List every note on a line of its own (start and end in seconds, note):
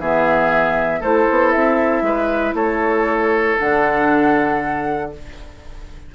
0.00 1.01 E3
0.00 1.03 B3
0.00 1.01 G#4
0.00 1.03 E5
1.01 1.27 A3
1.01 3.59 E4
1.01 2.03 A4
1.01 1.52 C5
1.31 1.56 B3
1.52 2.02 C4
1.52 2.55 E5
2.02 2.54 G#3
2.02 2.55 B4
2.54 3.57 A3
2.54 5.12 A4
2.54 3.59 C#5
3.59 5.15 D3
3.59 5.13 D4
3.59 5.13 F#5